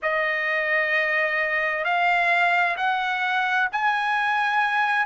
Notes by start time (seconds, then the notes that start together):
0.02 D#5
1.84 F5
2.77 F#5
3.72 G#5